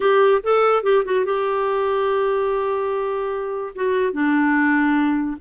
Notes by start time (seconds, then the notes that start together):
0.00 G4
0.43 A4
0.83 G4
1.05 F#4
1.25 G4
3.75 F#4
4.12 D4